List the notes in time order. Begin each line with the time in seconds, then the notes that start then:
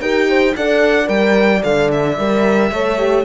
0.00 D#4 G4 A#4 G5
0.29 C5
0.56 D4 A4 D5 F#5
1.05 G3 A#4 G5
1.63 D3 A4 F5
1.91 E5
2.18 G3 A#4
2.71 A3 A4 C#5
2.98 G4